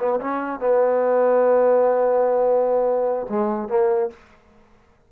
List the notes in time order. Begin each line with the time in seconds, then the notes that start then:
0.00 B3
0.21 C#4
0.60 B3
3.30 G#3
3.69 A#3